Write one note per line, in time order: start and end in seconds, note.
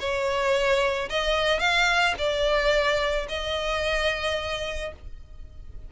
0.00 1.09 C#5
1.10 1.60 D#5
1.60 2.14 F5
2.18 3.27 D5
3.29 4.92 D#5